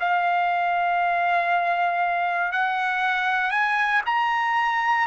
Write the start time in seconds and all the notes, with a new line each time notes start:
0.00 F5
2.52 F#5
3.51 G#5
4.06 A#5